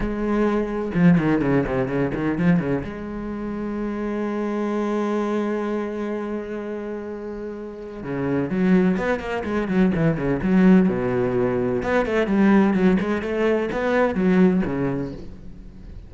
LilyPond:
\new Staff \with { instrumentName = "cello" } { \time 4/4 \tempo 4 = 127 gis2 f8 dis8 cis8 c8 | cis8 dis8 f8 cis8 gis2~ | gis1~ | gis1~ |
gis4 cis4 fis4 b8 ais8 | gis8 fis8 e8 cis8 fis4 b,4~ | b,4 b8 a8 g4 fis8 gis8 | a4 b4 fis4 cis4 | }